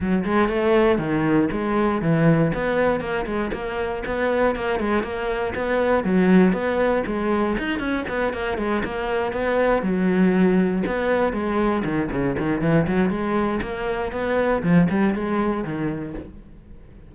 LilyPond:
\new Staff \with { instrumentName = "cello" } { \time 4/4 \tempo 4 = 119 fis8 gis8 a4 dis4 gis4 | e4 b4 ais8 gis8 ais4 | b4 ais8 gis8 ais4 b4 | fis4 b4 gis4 dis'8 cis'8 |
b8 ais8 gis8 ais4 b4 fis8~ | fis4. b4 gis4 dis8 | cis8 dis8 e8 fis8 gis4 ais4 | b4 f8 g8 gis4 dis4 | }